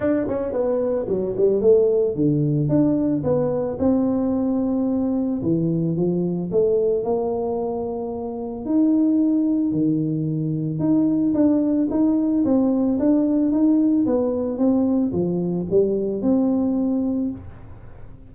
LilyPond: \new Staff \with { instrumentName = "tuba" } { \time 4/4 \tempo 4 = 111 d'8 cis'8 b4 fis8 g8 a4 | d4 d'4 b4 c'4~ | c'2 e4 f4 | a4 ais2. |
dis'2 dis2 | dis'4 d'4 dis'4 c'4 | d'4 dis'4 b4 c'4 | f4 g4 c'2 | }